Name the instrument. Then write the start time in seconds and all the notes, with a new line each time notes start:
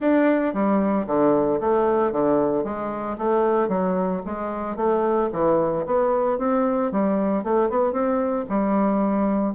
bassoon
0.00 D4
0.53 G3
1.06 D3
1.60 A3
2.12 D3
2.64 G#3
3.17 A3
3.68 F#3
4.25 G#3
4.76 A3
5.32 E3
5.86 B3
6.38 C4
6.91 G3
7.43 A3
7.69 B3
7.92 C4
8.49 G3